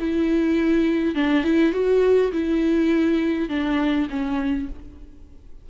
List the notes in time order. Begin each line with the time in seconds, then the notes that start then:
0.00 E4
1.16 D4
1.44 E4
1.73 F#4
2.33 E4
3.49 D4
4.10 C#4